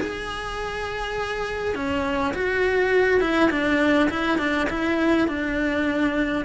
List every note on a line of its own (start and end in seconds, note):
0.00 1.75 G#4
1.75 2.34 C#4
2.34 3.21 F#4
3.21 3.50 E4
3.51 4.09 D4
4.10 4.38 E4
4.38 4.68 D4
4.70 5.28 E4
5.28 6.45 D4